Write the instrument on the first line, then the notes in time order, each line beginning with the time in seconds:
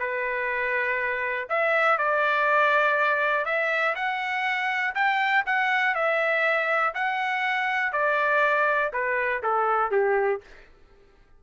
trumpet
0.00 B4
1.49 E5
1.98 D5
3.46 E5
3.96 F#5
4.95 G5
5.46 F#5
5.95 E5
6.95 F#5
7.93 D5
8.93 B4
9.43 A4
9.92 G4